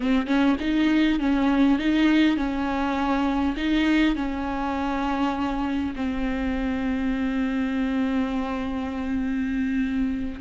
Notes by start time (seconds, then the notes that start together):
0.00 C4
0.26 C#4
0.60 D#4
1.19 C#4
1.78 D#4
2.36 C#4
3.56 D#4
4.15 C#4
5.95 C4